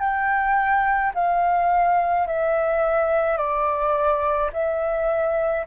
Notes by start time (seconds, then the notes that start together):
0.00 G5
1.15 F5
2.27 E5
3.38 D5
4.53 E5